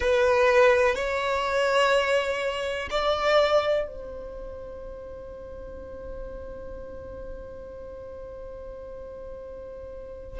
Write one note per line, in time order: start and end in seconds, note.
0.00 0.95 B4
0.95 2.89 C#5
2.90 3.87 D5
3.87 10.39 C5